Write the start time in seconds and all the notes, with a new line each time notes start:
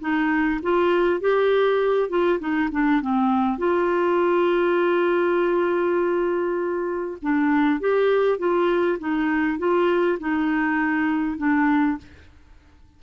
0.00 D#4
0.62 F4
1.20 G4
2.09 F4
2.39 D#4
2.71 D4
3.01 C4
3.58 F4
7.22 D4
7.80 G4
8.38 F4
8.99 D#4
9.58 F4
10.19 D#4
11.37 D4